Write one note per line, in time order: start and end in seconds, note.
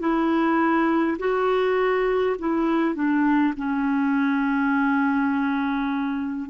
0.00 1.18 E4
1.19 2.37 F#4
2.39 2.95 E4
2.95 3.54 D4
3.57 6.50 C#4